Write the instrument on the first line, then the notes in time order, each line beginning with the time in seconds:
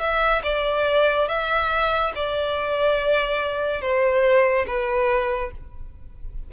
violin
0.00 E5
0.43 D5
1.28 E5
2.15 D5
3.81 C5
4.67 B4